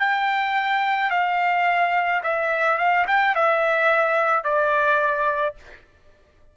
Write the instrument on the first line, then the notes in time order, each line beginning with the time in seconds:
trumpet
0.00 G5
1.11 F5
2.23 E5
2.78 F5
3.08 G5
3.35 E5
4.44 D5